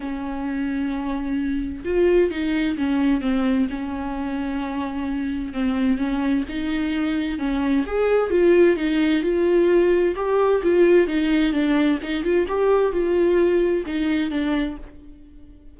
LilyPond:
\new Staff \with { instrumentName = "viola" } { \time 4/4 \tempo 4 = 130 cis'1 | f'4 dis'4 cis'4 c'4 | cis'1 | c'4 cis'4 dis'2 |
cis'4 gis'4 f'4 dis'4 | f'2 g'4 f'4 | dis'4 d'4 dis'8 f'8 g'4 | f'2 dis'4 d'4 | }